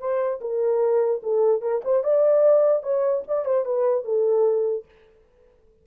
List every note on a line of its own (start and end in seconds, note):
0.00 0.40 C5
0.41 1.22 A#4
1.23 1.62 A4
1.62 1.82 A#4
1.85 2.04 C5
2.04 2.83 D5
2.83 3.23 C#5
3.28 3.45 D5
3.45 3.66 C5
3.66 4.05 B4
4.05 4.85 A4